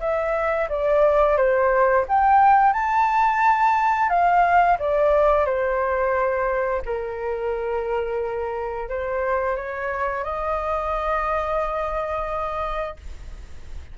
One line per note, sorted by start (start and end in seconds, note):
0.00 0.68 E5
0.69 1.37 D5
1.37 2.05 C5
2.08 2.73 G5
2.73 4.09 A5
4.09 4.78 F5
4.79 5.45 D5
5.45 6.82 C5
6.86 8.89 A#4
8.89 9.56 C5
9.56 10.24 C#5
10.24 12.97 D#5